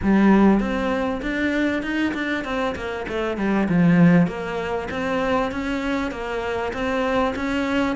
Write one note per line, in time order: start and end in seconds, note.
0.02 0.60 G3
0.60 1.21 C4
1.21 1.82 D4
1.82 2.13 D#4
2.13 2.44 D4
2.44 2.75 C4
2.75 3.06 A#3
3.08 3.37 A3
3.37 3.68 G3
3.68 4.27 F3
4.27 4.88 A#3
4.91 5.51 C4
5.51 6.11 C#4
6.11 6.72 A#3
6.73 7.34 C4
7.35 7.96 C#4